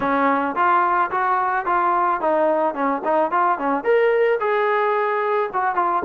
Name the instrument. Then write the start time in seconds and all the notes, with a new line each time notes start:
trombone
0.00 C#4
0.55 F4
1.11 F#4
1.65 F4
2.20 D#4
2.74 C#4
3.04 D#4
3.31 F4
3.58 C#4
3.84 A#4
4.39 G#4
5.53 F#4
5.75 F4